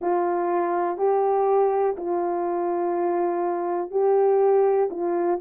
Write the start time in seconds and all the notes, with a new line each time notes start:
0.00 F4
0.97 G4
1.96 F4
3.90 G4
4.90 F4